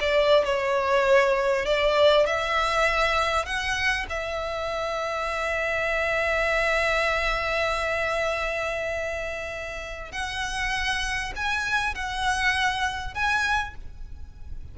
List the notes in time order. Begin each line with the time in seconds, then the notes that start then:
0.00 D5
0.44 C#5
1.65 D5
2.26 E5
3.45 F#5
4.09 E5
10.12 F#5
11.36 G#5
11.94 F#5
13.14 G#5